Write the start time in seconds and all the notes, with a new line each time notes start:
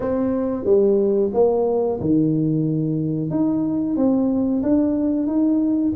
0.00 C4
0.64 G3
1.33 A#3
2.00 D#3
3.30 D#4
3.96 C4
4.62 D4
5.27 D#4